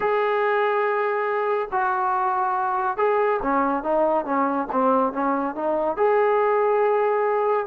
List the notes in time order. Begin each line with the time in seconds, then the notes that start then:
0.00 G#4
1.71 F#4
2.97 G#4
3.42 C#4
3.83 D#4
4.25 C#4
4.71 C4
5.12 C#4
5.55 D#4
5.97 G#4